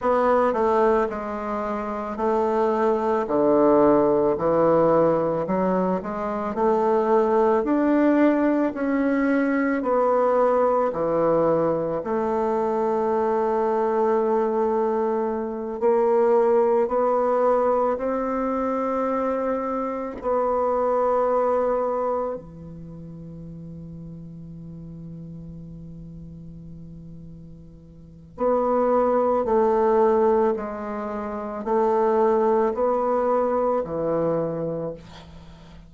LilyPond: \new Staff \with { instrumentName = "bassoon" } { \time 4/4 \tempo 4 = 55 b8 a8 gis4 a4 d4 | e4 fis8 gis8 a4 d'4 | cis'4 b4 e4 a4~ | a2~ a8 ais4 b8~ |
b8 c'2 b4.~ | b8 e2.~ e8~ | e2 b4 a4 | gis4 a4 b4 e4 | }